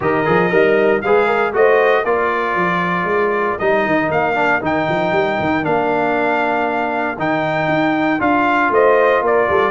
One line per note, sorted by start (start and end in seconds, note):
0.00 0.26 D#3
0.00 0.24 G4
0.00 0.52 A#4
0.00 1.01 D#5
0.25 0.51 F3
0.25 0.49 G#4
0.49 1.02 G3
0.49 1.03 D#4
0.49 1.01 A#4
1.01 1.53 G#3
1.01 1.53 G#4
1.01 1.26 B4
1.01 1.53 F5
1.26 1.52 A#4
1.53 2.04 A3
1.53 2.04 F#4
1.53 2.05 C5
1.53 2.05 D#5
2.04 2.55 A#3
2.04 3.59 F4
2.04 8.72 A#4
2.04 3.58 D5
2.55 3.04 F3
3.04 3.55 G#3
3.58 3.85 G3
3.58 4.34 D#4
3.58 4.10 D#5
3.85 4.10 D#3
4.10 4.61 A#3
4.10 4.62 F5
4.34 4.60 D4
4.60 4.87 D#3
4.60 5.62 D#4
4.60 5.64 G5
4.89 5.11 F3
5.11 5.37 G3
5.39 5.65 D#3
5.62 7.17 A#3
5.62 7.16 D4
5.62 7.18 F5
7.17 7.67 D#3
7.17 8.19 D#4
7.17 8.21 G5
7.67 8.19 D#4
8.19 8.70 D4
8.19 9.71 F4
8.19 8.72 F5
8.70 9.21 A3
8.70 9.23 C5
8.70 9.24 D#5
9.21 9.47 A#3
9.21 9.49 A#4
9.21 9.71 D5
9.49 9.71 G3
9.49 9.71 A4